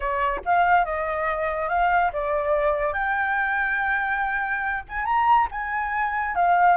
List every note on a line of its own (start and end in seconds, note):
0.00 0.40 C#5
0.45 0.85 F5
0.85 1.69 D#5
1.69 2.11 F5
2.12 2.93 D5
2.93 4.83 G5
4.89 5.05 G#5
5.05 5.47 A#5
5.51 6.35 G#5
6.35 6.76 F5